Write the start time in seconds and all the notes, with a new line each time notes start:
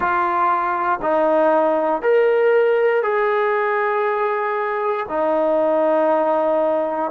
0.00 F4
1.02 D#4
2.02 A#4
3.02 G#4
5.08 D#4